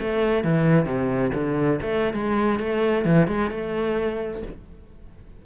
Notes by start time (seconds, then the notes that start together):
0.00 A3
0.44 E3
0.85 C3
1.34 D3
1.82 A3
2.14 G#3
2.60 A3
3.05 E3
3.28 G#3
3.51 A3